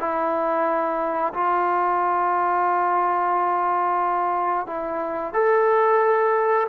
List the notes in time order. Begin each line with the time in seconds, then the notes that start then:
0.00 E4
1.34 F4
4.67 E4
5.34 A4